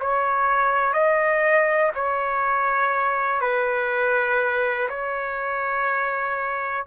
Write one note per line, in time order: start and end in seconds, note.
0.00 0.93 C#5
0.93 1.91 D#5
1.95 3.41 C#5
3.41 4.88 B4
4.89 6.85 C#5